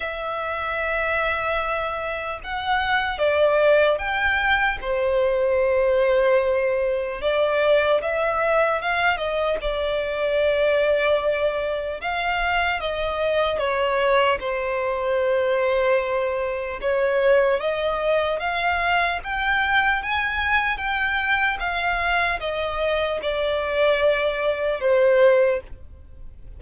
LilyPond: \new Staff \with { instrumentName = "violin" } { \time 4/4 \tempo 4 = 75 e''2. fis''4 | d''4 g''4 c''2~ | c''4 d''4 e''4 f''8 dis''8 | d''2. f''4 |
dis''4 cis''4 c''2~ | c''4 cis''4 dis''4 f''4 | g''4 gis''4 g''4 f''4 | dis''4 d''2 c''4 | }